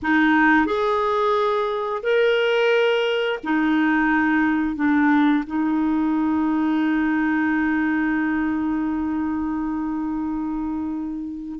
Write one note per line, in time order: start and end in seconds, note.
0.02 0.66 D#4
0.66 2.02 G#4
2.03 3.39 A#4
3.43 4.75 D#4
4.75 5.44 D4
5.46 11.59 D#4